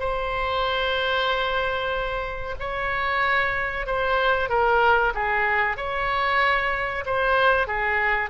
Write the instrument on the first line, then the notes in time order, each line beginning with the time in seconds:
oboe
0.00 C5
2.60 C#5
3.87 C5
4.50 A#4
5.15 G#4
5.77 C#5
7.06 C5
7.67 G#4